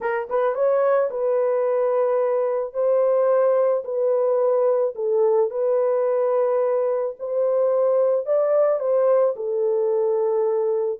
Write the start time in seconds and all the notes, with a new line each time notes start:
0.01 A#4
0.29 B4
0.54 C#5
1.10 B4
2.73 C5
3.84 B4
4.95 A4
5.50 B4
7.19 C5
8.26 D5
8.79 C5
9.36 A4